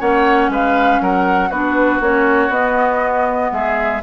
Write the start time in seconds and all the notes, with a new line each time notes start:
0.00 A#3 C#4 C#5 F#5
0.49 G#3 B4 F5
1.01 F#3 A#4 F#5
1.50 B3 D4 F#4 B4
2.01 A#3 C#4 C#5
2.49 B3 D#5
3.52 G#3 G#4 E5